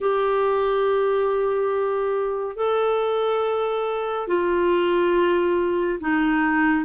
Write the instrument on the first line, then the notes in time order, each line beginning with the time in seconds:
clarinet
0.00 G4
2.56 A4
4.27 F4
6.00 D#4